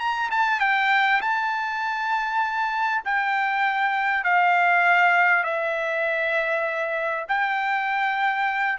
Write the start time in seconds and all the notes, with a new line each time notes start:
0.00 A#5
0.31 A5
0.61 G5
1.21 A5
3.05 G5
4.24 F5
5.44 E5
7.29 G5